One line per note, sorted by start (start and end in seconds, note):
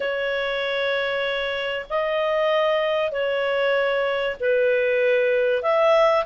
0.00 1.86 C#5
1.89 3.11 D#5
3.11 4.36 C#5
4.39 5.62 B4
5.62 6.24 E5